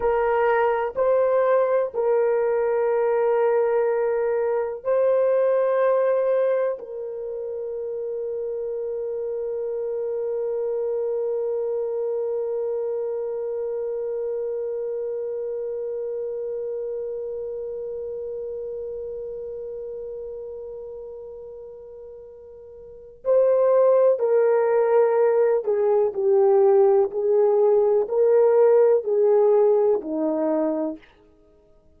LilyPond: \new Staff \with { instrumentName = "horn" } { \time 4/4 \tempo 4 = 62 ais'4 c''4 ais'2~ | ais'4 c''2 ais'4~ | ais'1~ | ais'1~ |
ais'1~ | ais'1 | c''4 ais'4. gis'8 g'4 | gis'4 ais'4 gis'4 dis'4 | }